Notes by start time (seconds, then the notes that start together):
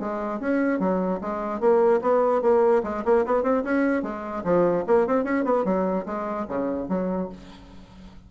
0.00 G#3
0.40 C#4
0.80 F#3
1.21 G#3
1.60 A#3
2.02 B3
2.42 A#3
2.84 G#3
3.05 A#3
3.26 B3
3.43 C4
3.64 C#4
4.03 G#3
4.44 F3
4.87 A#3
5.07 C4
5.24 C#4
5.45 B3
5.65 F#3
6.06 G#3
6.48 C#3
6.89 F#3